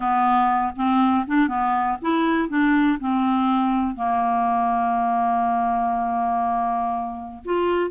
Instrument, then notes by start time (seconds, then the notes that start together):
clarinet
0.00 B3
0.76 C4
1.27 D4
1.47 B3
2.01 E4
2.49 D4
3.00 C4
3.95 A#3
7.44 F4